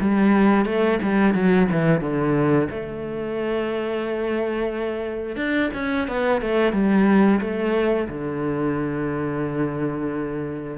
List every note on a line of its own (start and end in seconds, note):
0.00 0.65 G3
0.65 0.99 A3
1.02 1.34 G3
1.34 1.68 F#3
1.71 2.00 E3
2.00 2.68 D3
2.70 5.36 A3
5.36 5.70 D4
5.74 6.08 C#4
6.08 6.41 B3
6.41 6.73 A3
6.73 7.40 G3
7.40 8.08 A3
8.08 10.77 D3